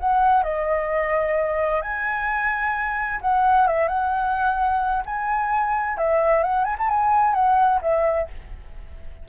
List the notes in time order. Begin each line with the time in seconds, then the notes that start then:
0.00 F#5
0.44 D#5
1.82 G#5
3.22 F#5
3.68 E5
3.88 F#5
5.06 G#5
5.98 E5
6.44 F#5
6.65 G#5
6.79 A5
6.90 G#5
7.35 F#5
7.82 E5